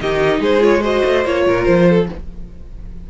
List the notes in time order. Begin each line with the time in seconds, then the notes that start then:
0.00 D#3 D#4 G4 D#5
0.39 G#3 G#4 C5
0.60 F4 C#5
0.80 F#4 C5 D#5
1.04 A3
1.25 A#3 F4 C#5
1.46 A#2 A#4
1.64 F3 C5
1.89 A4